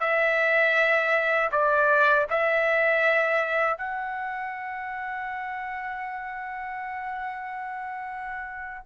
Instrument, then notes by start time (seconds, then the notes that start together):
trumpet
0.00 E5
1.52 D5
2.30 E5
3.78 F#5